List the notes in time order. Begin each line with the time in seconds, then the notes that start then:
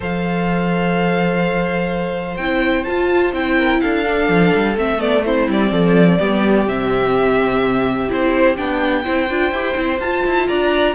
0.00 F3 A4 C5 F5
2.36 C4 E4 G5
2.84 F4 A5
3.33 C4 E4 G5
3.57 A#4
3.80 D4 A4 F5
4.05 D4
4.28 F3
4.55 G3
4.77 A3 C4 E5
4.99 B3 D5
5.24 C4 E4 C5
5.47 G3 D5
5.71 F3 A4
6.18 G3 B3 G4
6.67 C3 C4 E5
8.08 C4 E4 C5
8.56 B3 D4 G5
9.03 C4 E4 C5
9.29 D4 F4
9.51 E4 G4
9.74 C4 E4
9.99 F4 A5
10.25 E4
10.48 D4 D5 A#5